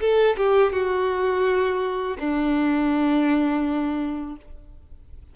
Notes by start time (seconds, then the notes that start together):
0.00 A4
0.37 G4
0.72 F#4
2.19 D4